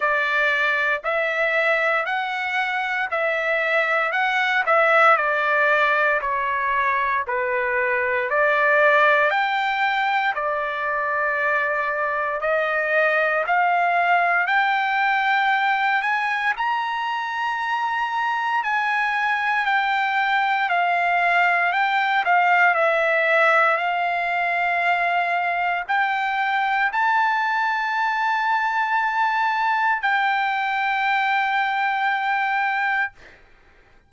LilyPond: \new Staff \with { instrumentName = "trumpet" } { \time 4/4 \tempo 4 = 58 d''4 e''4 fis''4 e''4 | fis''8 e''8 d''4 cis''4 b'4 | d''4 g''4 d''2 | dis''4 f''4 g''4. gis''8 |
ais''2 gis''4 g''4 | f''4 g''8 f''8 e''4 f''4~ | f''4 g''4 a''2~ | a''4 g''2. | }